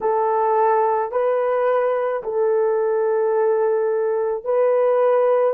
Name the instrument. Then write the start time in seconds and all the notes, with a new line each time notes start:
horn
0.01 A4
1.11 B4
2.23 A4
4.44 B4